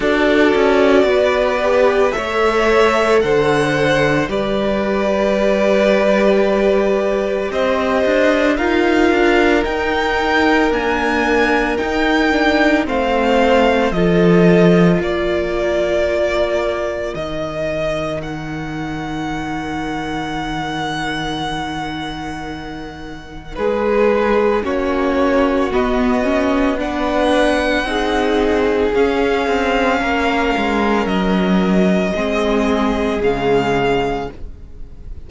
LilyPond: <<
  \new Staff \with { instrumentName = "violin" } { \time 4/4 \tempo 4 = 56 d''2 e''4 fis''4 | d''2. dis''4 | f''4 g''4 gis''4 g''4 | f''4 dis''4 d''2 |
dis''4 fis''2.~ | fis''2 b'4 cis''4 | dis''4 fis''2 f''4~ | f''4 dis''2 f''4 | }
  \new Staff \with { instrumentName = "violin" } { \time 4/4 a'4 b'4 cis''4 c''4 | b'2. c''4 | ais'1 | c''4 a'4 ais'2~ |
ais'1~ | ais'2 gis'4 fis'4~ | fis'4 b'4 gis'2 | ais'2 gis'2 | }
  \new Staff \with { instrumentName = "viola" } { \time 4/4 fis'4. g'8 a'2 | g'1 | f'4 dis'4 ais4 dis'8 d'8 | c'4 f'2. |
dis'1~ | dis'2. cis'4 | b8 cis'8 d'4 dis'4 cis'4~ | cis'2 c'4 gis4 | }
  \new Staff \with { instrumentName = "cello" } { \time 4/4 d'8 cis'8 b4 a4 d4 | g2. c'8 d'8 | dis'8 d'8 dis'4 d'4 dis'4 | a4 f4 ais2 |
dis1~ | dis2 gis4 ais4 | b2 c'4 cis'8 c'8 | ais8 gis8 fis4 gis4 cis4 | }
>>